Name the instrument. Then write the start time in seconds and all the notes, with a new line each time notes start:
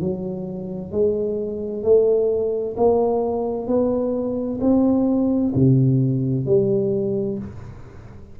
tuba
0.00 F#3
0.91 G#3
1.83 A3
2.77 A#3
3.67 B3
4.61 C4
5.55 C3
6.46 G3